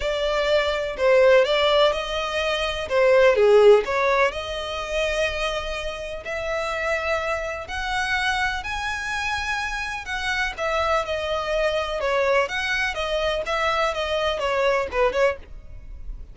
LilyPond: \new Staff \with { instrumentName = "violin" } { \time 4/4 \tempo 4 = 125 d''2 c''4 d''4 | dis''2 c''4 gis'4 | cis''4 dis''2.~ | dis''4 e''2. |
fis''2 gis''2~ | gis''4 fis''4 e''4 dis''4~ | dis''4 cis''4 fis''4 dis''4 | e''4 dis''4 cis''4 b'8 cis''8 | }